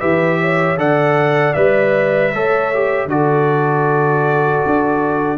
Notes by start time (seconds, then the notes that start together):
0.00 E3 G4 B4 E5
0.41 C#5
0.77 D3 A4 D5 F#5
1.54 G3 B4 E5
2.34 A3 A4 C#5
2.74 G4
3.06 D3 F#4 A4 D5
4.66 D4